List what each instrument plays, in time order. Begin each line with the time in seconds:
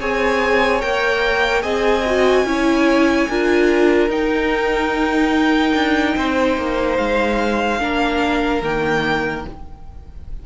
0.00 cello C4, viola G#4, violin C#5 G#5
0.80 cello A#3, viola A#4, violin G5
1.62 cello C4, viola G#4, violin D#5 G#5
2.06 viola F#4
2.44 cello C#4, viola E4, violin C#5
3.29 cello D4, viola F4, violin A#4
4.08 cello D#4, viola D#4, violin G5
5.74 cello D4
6.16 cello C4, violin C5
6.58 cello A#3
6.97 cello G#3, violin F5
7.79 cello A#3, viola D4, violin A#4
8.62 cello D#3, viola A#3, violin G5